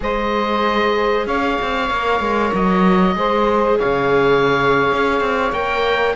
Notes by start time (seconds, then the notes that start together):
0.00 G#3 G#4 C5 D#5
1.26 C#4 C#5 F5
1.61 C4
1.89 A#3 A#4
2.20 G#3
2.53 F#3 D#5
3.15 G#3 G#4 C5
3.78 C#3 C#5 F5
4.92 C#4
5.20 C4
5.52 A#3 A#4 G5